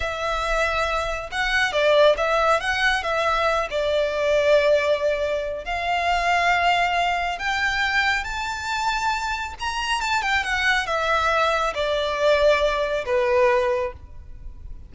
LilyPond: \new Staff \with { instrumentName = "violin" } { \time 4/4 \tempo 4 = 138 e''2. fis''4 | d''4 e''4 fis''4 e''4~ | e''8 d''2.~ d''8~ | d''4 f''2.~ |
f''4 g''2 a''4~ | a''2 ais''4 a''8 g''8 | fis''4 e''2 d''4~ | d''2 b'2 | }